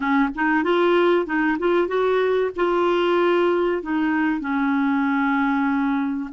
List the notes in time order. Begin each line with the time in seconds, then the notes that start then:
0.00 C#4
0.35 D#4
0.63 F4
1.26 D#4
1.58 F4
1.87 F#4
2.56 F4
3.82 D#4
4.40 C#4